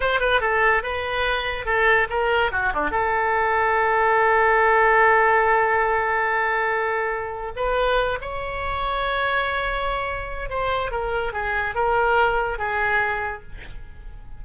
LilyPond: \new Staff \with { instrumentName = "oboe" } { \time 4/4 \tempo 4 = 143 c''8 b'8 a'4 b'2 | a'4 ais'4 fis'8 d'8 a'4~ | a'1~ | a'1~ |
a'2 b'4. cis''8~ | cis''1~ | cis''4 c''4 ais'4 gis'4 | ais'2 gis'2 | }